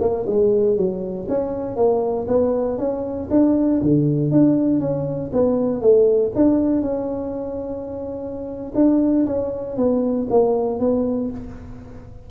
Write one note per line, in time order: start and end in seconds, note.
0.00 0.25 A#3
0.26 0.76 G#3
0.76 1.27 F#3
1.28 1.76 C#4
1.76 2.27 A#3
2.27 2.78 B3
2.78 3.29 C#4
3.30 3.81 D4
3.82 4.31 D3
4.31 4.80 D4
4.80 5.31 C#4
5.33 5.81 B3
5.81 6.32 A3
6.35 6.82 D4
6.82 8.72 C#4
8.75 9.25 D4
9.26 9.77 C#4
9.77 10.28 B3
10.30 10.80 A#3
10.80 11.30 B3